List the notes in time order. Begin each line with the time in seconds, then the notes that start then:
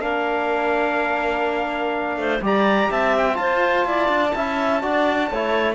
0.00 A#3 D4 A#4 F5
2.16 A3 C5
2.41 G3 G4 D5 A#5
2.90 C4 E5 A5
3.17 G5
3.33 F4 C5 A5
3.85 E4 D5
4.08 D4
4.35 C#4 E4 E5
4.82 D4 F#4 D5
5.30 A3 E4 C#5